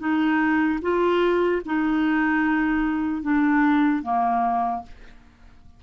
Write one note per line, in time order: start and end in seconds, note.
0.00 0.80 D#4
0.82 1.62 F4
1.66 3.23 D#4
3.23 4.03 D4
4.03 4.83 A#3